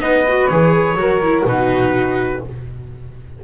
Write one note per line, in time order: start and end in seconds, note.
0.00 0.49 B3
0.00 0.24 D#4
0.00 0.98 B4
0.00 0.47 D#5
0.28 0.51 F#4
0.47 0.95 E3
0.47 0.98 G#4
0.47 1.43 C#5
0.95 1.43 F#3
0.95 1.22 F#4
0.95 1.47 A#4
1.23 1.47 E4
1.45 2.41 B2
1.45 2.43 D#4
1.45 2.43 F#4
1.45 2.44 B4